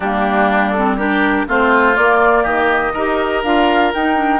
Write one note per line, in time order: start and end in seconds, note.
0.00 1.44 G3
0.00 0.77 A#3
0.00 0.97 D4
0.00 0.70 G4
0.70 0.95 A4
0.77 0.99 C4
0.97 1.48 D4
0.97 1.46 G4
0.97 1.46 A#4
1.48 1.97 A3
1.48 1.94 C4
1.48 2.43 F4
1.48 1.96 C5
1.94 2.92 A#3
1.94 2.45 A#3
1.94 2.44 D5
2.43 2.94 D#3
2.43 2.92 G4
2.43 3.43 D#5
2.93 3.43 D#4
2.93 3.44 G4
2.93 4.39 A#4
3.43 3.92 D4
3.43 3.94 F4
3.43 3.92 F5
3.94 4.15 D#4
3.94 4.39 D#4
3.94 4.39 G5
4.15 4.39 D4